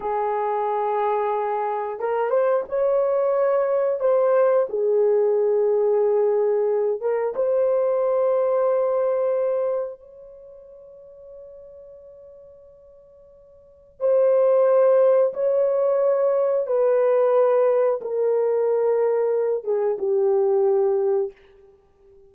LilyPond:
\new Staff \with { instrumentName = "horn" } { \time 4/4 \tempo 4 = 90 gis'2. ais'8 c''8 | cis''2 c''4 gis'4~ | gis'2~ gis'8 ais'8 c''4~ | c''2. cis''4~ |
cis''1~ | cis''4 c''2 cis''4~ | cis''4 b'2 ais'4~ | ais'4. gis'8 g'2 | }